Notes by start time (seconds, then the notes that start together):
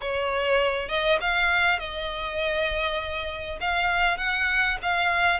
0.01 C#5
0.88 D#5
1.20 F5
1.79 D#5
3.60 F5
4.17 F#5
4.82 F5